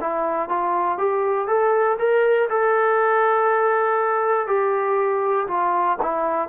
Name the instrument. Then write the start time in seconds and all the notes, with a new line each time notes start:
trombone
0.00 E4
0.49 F4
0.97 G4
1.47 A4
1.98 A#4
2.49 A4
4.47 G4
5.47 F4
6.02 E4